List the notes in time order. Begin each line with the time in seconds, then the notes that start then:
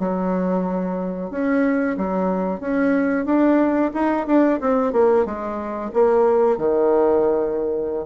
0.00 F#3
1.31 C#4
1.98 F#3
2.60 C#4
3.26 D4
3.94 D#4
4.27 D4
4.61 C4
4.93 A#3
5.26 G#3
5.94 A#3
6.58 D#3